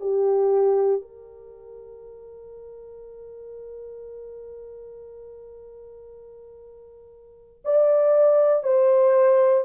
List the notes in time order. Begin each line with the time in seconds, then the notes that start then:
0.00 G4
1.01 A#4
7.65 D5
8.63 C5